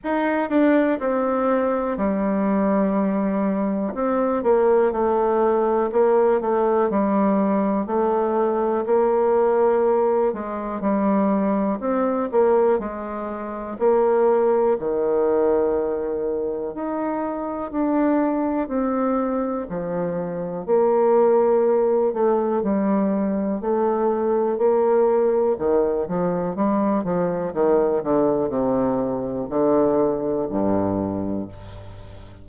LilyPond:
\new Staff \with { instrumentName = "bassoon" } { \time 4/4 \tempo 4 = 61 dis'8 d'8 c'4 g2 | c'8 ais8 a4 ais8 a8 g4 | a4 ais4. gis8 g4 | c'8 ais8 gis4 ais4 dis4~ |
dis4 dis'4 d'4 c'4 | f4 ais4. a8 g4 | a4 ais4 dis8 f8 g8 f8 | dis8 d8 c4 d4 g,4 | }